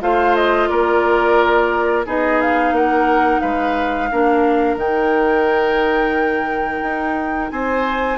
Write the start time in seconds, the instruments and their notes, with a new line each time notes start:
0.00 bassoon A3, clarinet F4, oboe C5, flute F5
0.35 flute D#5
0.68 bassoon A#3, oboe A#4, flute D5
2.05 bassoon B3, clarinet D#4, oboe G#4, flute D#5
2.41 flute F5
2.71 bassoon A#3, oboe A#4, flute F#5
3.40 bassoon G#3, oboe B4, flute F5
4.11 bassoon A#3, clarinet D4, oboe A#4
4.76 bassoon D#3, clarinet D#4, flute G5
6.82 bassoon D#4
7.50 bassoon C4, oboe C5, flute G#5